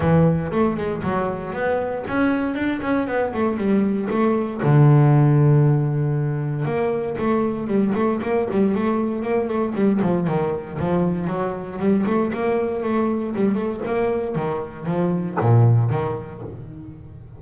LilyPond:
\new Staff \with { instrumentName = "double bass" } { \time 4/4 \tempo 4 = 117 e4 a8 gis8 fis4 b4 | cis'4 d'8 cis'8 b8 a8 g4 | a4 d2.~ | d4 ais4 a4 g8 a8 |
ais8 g8 a4 ais8 a8 g8 f8 | dis4 f4 fis4 g8 a8 | ais4 a4 g8 a8 ais4 | dis4 f4 ais,4 dis4 | }